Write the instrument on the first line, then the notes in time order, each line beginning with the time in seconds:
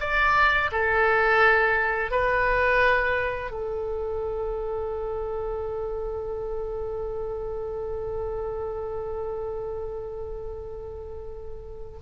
oboe
0.00 D5
0.72 A4
2.11 B4
3.51 A4